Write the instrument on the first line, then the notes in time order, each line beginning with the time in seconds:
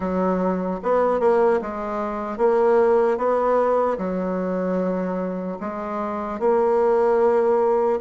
bassoon
0.00 F#3
0.83 B3
1.20 A#3
1.61 G#3
2.37 A#3
3.17 B3
3.98 F#3
5.60 G#3
6.39 A#3